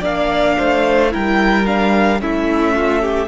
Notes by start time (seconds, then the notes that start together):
0.00 A#3 D4 D5 F5
0.57 A3 C5
1.10 G3 E4 A#4 G5
1.66 D4 F5
2.19 A3 C#4 E4 E5
2.75 F4
3.01 G4